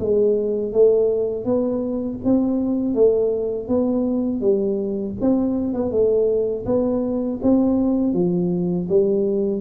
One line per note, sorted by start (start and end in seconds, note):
0.00 0.73 G#3
0.73 1.45 A3
1.45 2.19 B3
2.25 2.95 C4
2.95 3.68 A3
3.68 4.41 B3
4.41 5.15 G3
5.21 5.74 C4
5.74 5.92 B3
5.92 6.66 A3
6.66 7.40 B3
7.43 8.14 C4
8.14 8.88 F3
8.89 9.61 G3